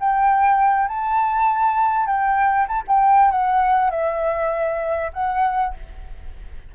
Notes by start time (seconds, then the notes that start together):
0.00 G5
0.88 A5
2.06 G5
2.68 A5
2.87 G5
3.31 F#5
3.90 E5
5.13 F#5